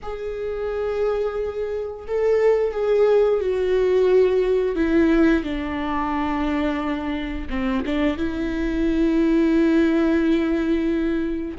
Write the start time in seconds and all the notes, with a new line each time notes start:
0.02 G#4
2.07 A4
2.72 G#4
3.40 F#4
4.75 E4
5.43 D4
7.49 C4
7.85 D4
8.17 E4